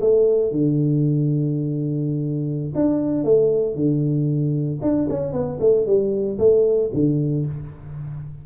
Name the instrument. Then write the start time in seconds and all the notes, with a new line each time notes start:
tuba
0.00 A3
0.51 D3
2.74 D4
3.24 A3
3.75 D3
4.81 D4
5.09 C#4
5.32 B3
5.60 A3
5.86 G3
6.38 A3
6.93 D3